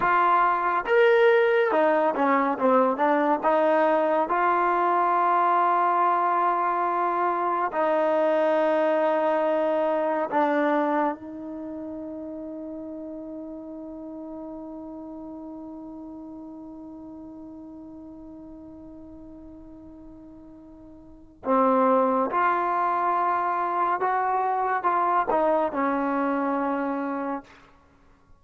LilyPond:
\new Staff \with { instrumentName = "trombone" } { \time 4/4 \tempo 4 = 70 f'4 ais'4 dis'8 cis'8 c'8 d'8 | dis'4 f'2.~ | f'4 dis'2. | d'4 dis'2.~ |
dis'1~ | dis'1~ | dis'4 c'4 f'2 | fis'4 f'8 dis'8 cis'2 | }